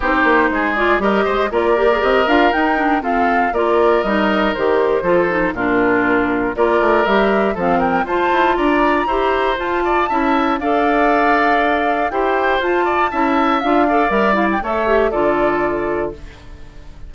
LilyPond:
<<
  \new Staff \with { instrumentName = "flute" } { \time 4/4 \tempo 4 = 119 c''4. d''8 dis''4 d''4 | dis''8 f''8 g''4 f''4 d''4 | dis''4 c''2 ais'4~ | ais'4 d''4 e''4 f''8 g''8 |
a''4 ais''2 a''4~ | a''4 f''2. | g''4 a''2 f''4 | e''8 f''16 g''16 e''4 d''2 | }
  \new Staff \with { instrumentName = "oboe" } { \time 4/4 g'4 gis'4 ais'8 c''8 ais'4~ | ais'2 a'4 ais'4~ | ais'2 a'4 f'4~ | f'4 ais'2 a'8 ais'8 |
c''4 d''4 c''4. d''8 | e''4 d''2. | c''4. d''8 e''4. d''8~ | d''4 cis''4 a'2 | }
  \new Staff \with { instrumentName = "clarinet" } { \time 4/4 dis'4. f'8 g'4 f'8 g'16 gis'16 | g'8 f'8 dis'8 d'8 c'4 f'4 | dis'4 g'4 f'8 dis'8 d'4~ | d'4 f'4 g'4 c'4 |
f'2 g'4 f'4 | e'4 a'2. | g'4 f'4 e'4 f'8 a'8 | ais'8 e'8 a'8 g'8 f'2 | }
  \new Staff \with { instrumentName = "bassoon" } { \time 4/4 c'8 ais8 gis4 g8 gis8 ais4 | c'8 d'8 dis'4 f'4 ais4 | g4 dis4 f4 ais,4~ | ais,4 ais8 a8 g4 f4 |
f'8 e'8 d'4 e'4 f'4 | cis'4 d'2. | e'4 f'4 cis'4 d'4 | g4 a4 d2 | }
>>